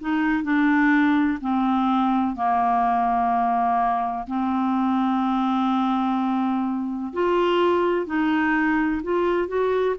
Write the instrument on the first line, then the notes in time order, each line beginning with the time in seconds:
clarinet
0.00 D#4
0.43 D4
1.41 C4
2.36 A#3
4.27 C4
7.13 F4
8.06 D#4
9.03 F4
9.48 F#4